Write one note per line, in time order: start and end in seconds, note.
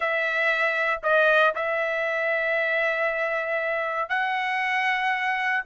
0.00 1.00 E5
1.03 1.54 D#5
1.55 4.09 E5
4.09 5.62 F#5